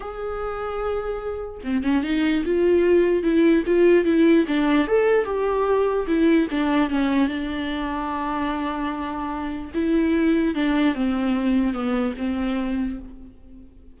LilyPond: \new Staff \with { instrumentName = "viola" } { \time 4/4 \tempo 4 = 148 gis'1 | c'8 cis'8 dis'4 f'2 | e'4 f'4 e'4 d'4 | a'4 g'2 e'4 |
d'4 cis'4 d'2~ | d'1 | e'2 d'4 c'4~ | c'4 b4 c'2 | }